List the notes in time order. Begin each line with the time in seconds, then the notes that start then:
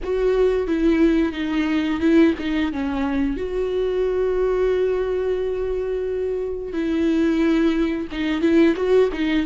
0.03 F#4
0.67 E4
1.32 D#4
2.00 E4
2.38 D#4
2.72 C#4
3.36 F#4
6.72 E4
8.11 D#4
8.41 E4
8.75 F#4
9.12 D#4